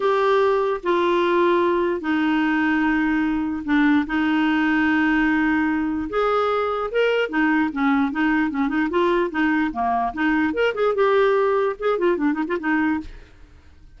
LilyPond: \new Staff \with { instrumentName = "clarinet" } { \time 4/4 \tempo 4 = 148 g'2 f'2~ | f'4 dis'2.~ | dis'4 d'4 dis'2~ | dis'2. gis'4~ |
gis'4 ais'4 dis'4 cis'4 | dis'4 cis'8 dis'8 f'4 dis'4 | ais4 dis'4 ais'8 gis'8 g'4~ | g'4 gis'8 f'8 d'8 dis'16 f'16 dis'4 | }